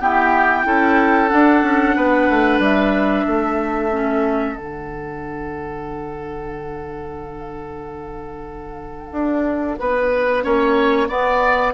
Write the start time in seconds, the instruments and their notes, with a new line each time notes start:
0.00 clarinet B3, bassoon E4, oboe G4, flute G5
0.64 bassoon C#4, clarinet E4, oboe A4
1.28 clarinet D4, bassoon D4, flute F#5
1.62 bassoon C#4
1.96 bassoon B3, oboe B4
2.29 bassoon A3
2.59 bassoon G3, flute E5
3.26 bassoon A3, oboe A4
3.91 clarinet C#4
4.55 bassoon D3, clarinet D4, flute F#5
9.11 bassoon D4
9.79 bassoon B3, oboe B4
10.42 bassoon A#3, clarinet C#4, oboe C#5
11.08 bassoon B3, clarinet B3, oboe D5